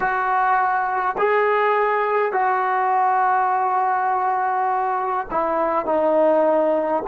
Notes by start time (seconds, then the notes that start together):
0.00 F#4
1.18 G#4
2.32 F#4
5.30 E4
5.85 D#4